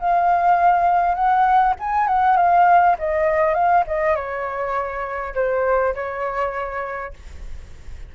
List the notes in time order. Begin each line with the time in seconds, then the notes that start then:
0.00 F5
1.15 F#5
1.80 G#5
2.08 F#5
2.37 F5
2.99 D#5
3.55 F5
3.87 D#5
4.16 C#5
5.35 C5
5.95 C#5